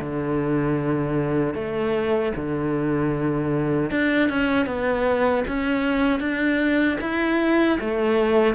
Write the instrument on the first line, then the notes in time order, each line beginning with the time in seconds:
cello
0.00 D3
1.55 A3
2.36 D3
3.91 D4
4.29 C#4
4.66 B3
5.48 C#4
6.20 D4
7.01 E4
7.81 A3